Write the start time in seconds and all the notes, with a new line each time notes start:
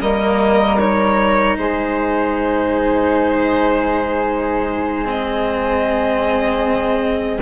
0.00 G3 A#3 A#4 D#5
0.79 D#4 C#5
1.57 G#3 G#4 C5
5.04 C4 D#5